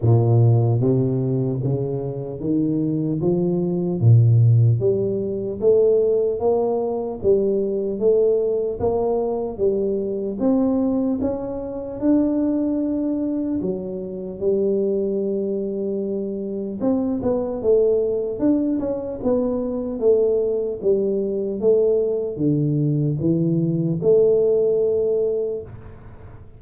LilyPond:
\new Staff \with { instrumentName = "tuba" } { \time 4/4 \tempo 4 = 75 ais,4 c4 cis4 dis4 | f4 ais,4 g4 a4 | ais4 g4 a4 ais4 | g4 c'4 cis'4 d'4~ |
d'4 fis4 g2~ | g4 c'8 b8 a4 d'8 cis'8 | b4 a4 g4 a4 | d4 e4 a2 | }